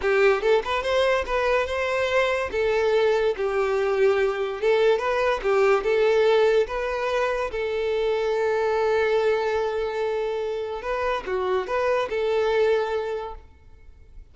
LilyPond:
\new Staff \with { instrumentName = "violin" } { \time 4/4 \tempo 4 = 144 g'4 a'8 b'8 c''4 b'4 | c''2 a'2 | g'2. a'4 | b'4 g'4 a'2 |
b'2 a'2~ | a'1~ | a'2 b'4 fis'4 | b'4 a'2. | }